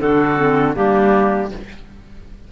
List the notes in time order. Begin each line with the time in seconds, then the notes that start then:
0.00 D3 D4 F#4 A4
0.38 C4
0.74 G3 A#3 D4 G4